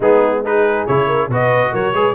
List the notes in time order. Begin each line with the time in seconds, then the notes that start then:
0.00 G#3 B3 D#4 G#4
0.44 D#4 G#4 B4
0.86 C#3 E4 C#5
1.06 A#4
1.28 B2 F#4 B4 D#5
1.72 F#3 A#4 C#5
1.93 G#3 G#4 B4